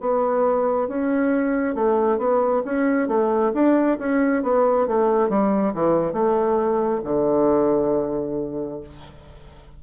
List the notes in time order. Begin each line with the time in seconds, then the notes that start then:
0.00 B3
0.88 C#4
1.74 A3
2.18 B3
2.64 C#4
3.08 A3
3.54 D4
3.98 C#4
4.43 B3
4.87 A3
5.29 G3
5.74 E3
6.12 A3
7.03 D3